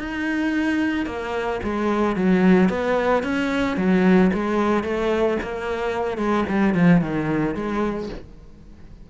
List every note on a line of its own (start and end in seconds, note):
0.00 1.07 D#4
1.07 1.61 A#3
1.64 2.16 G#3
2.16 2.70 F#3
2.70 3.24 B3
3.24 3.77 C#4
3.77 4.31 F#3
4.34 4.84 G#3
4.84 5.38 A3
5.43 6.18 A#3
6.18 6.45 G#3
6.49 6.75 G3
6.75 7.01 F3
7.01 7.55 D#3
7.55 8.09 G#3